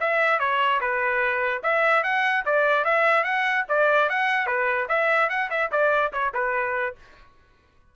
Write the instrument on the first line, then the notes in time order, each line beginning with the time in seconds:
trumpet
0.00 E5
0.39 C#5
0.80 B4
1.63 E5
2.03 F#5
2.45 D5
2.84 E5
3.24 F#5
3.68 D5
4.09 F#5
4.46 B4
4.88 E5
5.29 F#5
5.50 E5
5.71 D5
6.12 C#5
6.34 B4